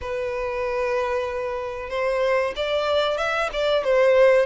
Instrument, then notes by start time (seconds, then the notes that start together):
violin
0.01 B4
1.89 C5
2.56 D5
3.17 E5
3.53 D5
3.84 C5